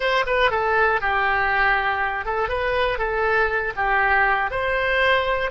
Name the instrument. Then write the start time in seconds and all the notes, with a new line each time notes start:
oboe
0.00 C5
0.26 B4
0.50 A4
1.00 G4
2.25 A4
2.48 B4
2.98 A4
3.76 G4
4.50 C5